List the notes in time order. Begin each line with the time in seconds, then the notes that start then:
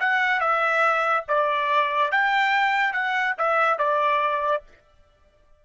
0.00 F#5
0.40 E5
1.28 D5
2.11 G5
2.93 F#5
3.38 E5
3.78 D5